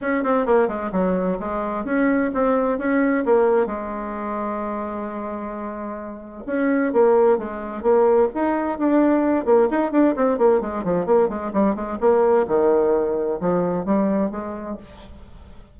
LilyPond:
\new Staff \with { instrumentName = "bassoon" } { \time 4/4 \tempo 4 = 130 cis'8 c'8 ais8 gis8 fis4 gis4 | cis'4 c'4 cis'4 ais4 | gis1~ | gis2 cis'4 ais4 |
gis4 ais4 dis'4 d'4~ | d'8 ais8 dis'8 d'8 c'8 ais8 gis8 f8 | ais8 gis8 g8 gis8 ais4 dis4~ | dis4 f4 g4 gis4 | }